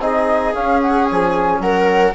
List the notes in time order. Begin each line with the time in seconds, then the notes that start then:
0.00 C4 D#4 G#4 D#5
0.54 C#4 F5
0.81 F#5
1.06 F3 G#5
1.59 F#3 A#4 F#5